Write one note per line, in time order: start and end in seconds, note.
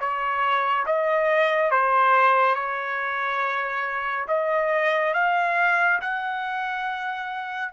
0.00 0.86 C#5
0.86 1.71 D#5
1.71 2.55 C5
2.55 4.27 C#5
4.28 5.14 D#5
5.14 6.00 F5
6.02 7.73 F#5